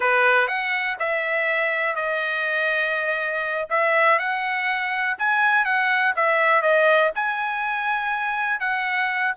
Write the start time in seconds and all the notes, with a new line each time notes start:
0.00 B4
0.47 F#5
0.99 E5
1.95 D#5
3.69 E5
4.18 F#5
5.18 G#5
5.64 F#5
6.16 E5
6.61 D#5
7.15 G#5
8.60 F#5